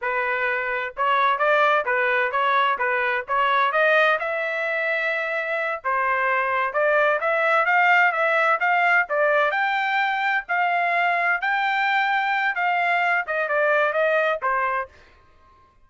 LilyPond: \new Staff \with { instrumentName = "trumpet" } { \time 4/4 \tempo 4 = 129 b'2 cis''4 d''4 | b'4 cis''4 b'4 cis''4 | dis''4 e''2.~ | e''8 c''2 d''4 e''8~ |
e''8 f''4 e''4 f''4 d''8~ | d''8 g''2 f''4.~ | f''8 g''2~ g''8 f''4~ | f''8 dis''8 d''4 dis''4 c''4 | }